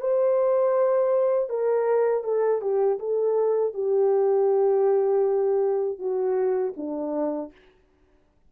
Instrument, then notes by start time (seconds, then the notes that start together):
horn
0.00 C5
1.49 A#4
2.24 A4
2.61 G4
2.99 A4
3.74 G4
5.98 F#4
6.77 D4